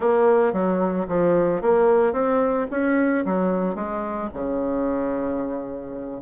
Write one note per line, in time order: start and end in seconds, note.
0.00 0.52 A#3
0.53 1.07 F#3
1.07 1.61 F3
1.61 2.13 A#3
2.13 2.67 C4
2.70 3.24 C#4
3.25 3.75 F#3
3.75 4.29 G#3
4.33 6.21 C#3